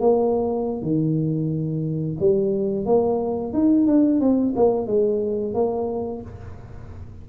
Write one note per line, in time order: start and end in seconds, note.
0.00 0.82 A#3
0.82 2.17 D#3
2.20 2.86 G3
2.86 3.53 A#3
3.53 3.87 D#4
3.87 4.20 D4
4.21 4.54 C4
4.56 4.87 A#3
4.87 5.54 G#3
5.54 6.22 A#3